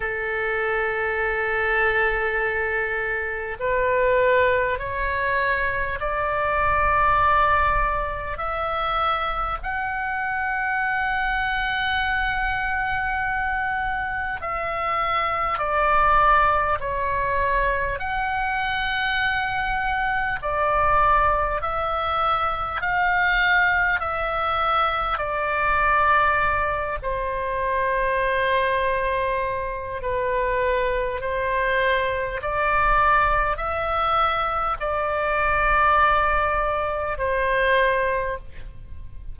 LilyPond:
\new Staff \with { instrumentName = "oboe" } { \time 4/4 \tempo 4 = 50 a'2. b'4 | cis''4 d''2 e''4 | fis''1 | e''4 d''4 cis''4 fis''4~ |
fis''4 d''4 e''4 f''4 | e''4 d''4. c''4.~ | c''4 b'4 c''4 d''4 | e''4 d''2 c''4 | }